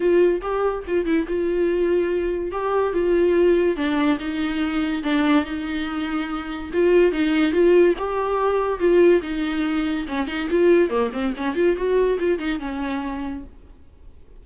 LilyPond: \new Staff \with { instrumentName = "viola" } { \time 4/4 \tempo 4 = 143 f'4 g'4 f'8 e'8 f'4~ | f'2 g'4 f'4~ | f'4 d'4 dis'2 | d'4 dis'2. |
f'4 dis'4 f'4 g'4~ | g'4 f'4 dis'2 | cis'8 dis'8 f'4 ais8 c'8 cis'8 f'8 | fis'4 f'8 dis'8 cis'2 | }